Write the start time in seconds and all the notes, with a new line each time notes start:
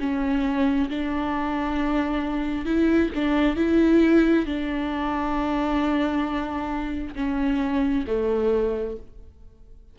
0.00 C#4
0.90 D4
2.66 E4
3.15 D4
3.57 E4
4.46 D4
7.16 C#4
8.08 A3